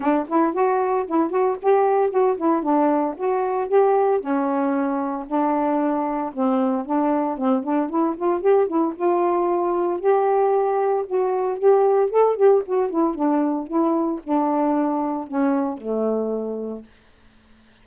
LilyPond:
\new Staff \with { instrumentName = "saxophone" } { \time 4/4 \tempo 4 = 114 d'8 e'8 fis'4 e'8 fis'8 g'4 | fis'8 e'8 d'4 fis'4 g'4 | cis'2 d'2 | c'4 d'4 c'8 d'8 e'8 f'8 |
g'8 e'8 f'2 g'4~ | g'4 fis'4 g'4 a'8 g'8 | fis'8 e'8 d'4 e'4 d'4~ | d'4 cis'4 a2 | }